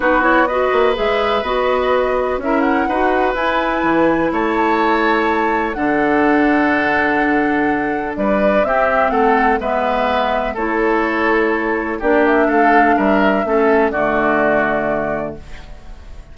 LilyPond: <<
  \new Staff \with { instrumentName = "flute" } { \time 4/4 \tempo 4 = 125 b'8 cis''8 dis''4 e''4 dis''4~ | dis''4 e''8 fis''4. gis''4~ | gis''4 a''2. | fis''1~ |
fis''4 d''4 e''4 fis''4 | e''2 cis''2~ | cis''4 d''8 e''8 f''4 e''4~ | e''4 d''2. | }
  \new Staff \with { instrumentName = "oboe" } { \time 4/4 fis'4 b'2.~ | b'4 ais'4 b'2~ | b'4 cis''2. | a'1~ |
a'4 b'4 g'4 a'4 | b'2 a'2~ | a'4 g'4 a'4 ais'4 | a'4 fis'2. | }
  \new Staff \with { instrumentName = "clarinet" } { \time 4/4 dis'8 e'8 fis'4 gis'4 fis'4~ | fis'4 e'4 fis'4 e'4~ | e'1 | d'1~ |
d'2 c'2 | b2 e'2~ | e'4 d'2. | cis'4 a2. | }
  \new Staff \with { instrumentName = "bassoon" } { \time 4/4 b4. ais8 gis4 b4~ | b4 cis'4 dis'4 e'4 | e4 a2. | d1~ |
d4 g4 c'4 a4 | gis2 a2~ | a4 ais4 a4 g4 | a4 d2. | }
>>